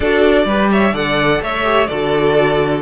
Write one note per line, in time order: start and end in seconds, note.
0.00 0.45 D4
0.00 0.49 F#4
0.00 0.45 A4
0.00 0.68 D5
0.45 0.92 G3
0.45 0.93 G4
0.45 0.70 B4
0.71 0.93 C#5
0.71 0.95 E5
0.93 1.40 D3
0.93 1.63 A4
0.93 1.41 D5
0.93 1.42 F#5
1.41 1.88 A3
1.41 1.89 C#5
1.41 1.86 E5
1.63 1.87 G4
1.86 2.81 D3
1.86 2.81 F#4
1.86 2.81 A4
1.86 2.81 D5